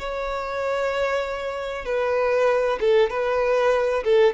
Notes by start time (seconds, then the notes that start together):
0.00 C#5
1.86 B4
2.81 A4
3.10 B4
4.05 A4